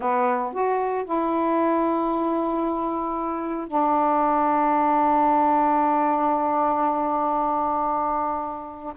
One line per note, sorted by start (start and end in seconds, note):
0.00 0.52 B3
0.52 1.05 F#4
1.05 3.67 E4
3.67 8.93 D4